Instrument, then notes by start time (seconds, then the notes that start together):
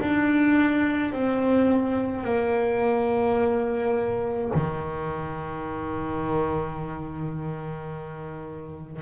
double bass
0.00 D4
1.12 C4
2.24 A#3
4.54 D#3